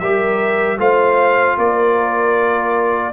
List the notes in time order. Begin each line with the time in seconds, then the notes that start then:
0.00 G3 G4 A#4 E5
0.78 A3 F4 C5 F5
1.58 A#3 A#4 D5